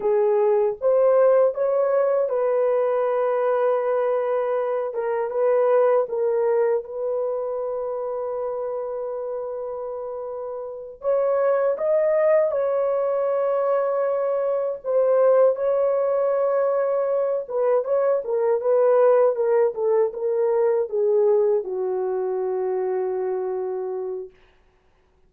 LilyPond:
\new Staff \with { instrumentName = "horn" } { \time 4/4 \tempo 4 = 79 gis'4 c''4 cis''4 b'4~ | b'2~ b'8 ais'8 b'4 | ais'4 b'2.~ | b'2~ b'8 cis''4 dis''8~ |
dis''8 cis''2. c''8~ | c''8 cis''2~ cis''8 b'8 cis''8 | ais'8 b'4 ais'8 a'8 ais'4 gis'8~ | gis'8 fis'2.~ fis'8 | }